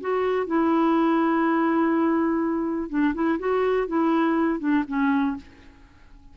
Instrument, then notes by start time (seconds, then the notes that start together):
clarinet
0.00 F#4
0.46 E4
2.89 D4
3.14 E4
3.39 F#4
3.87 E4
4.59 D4
4.87 C#4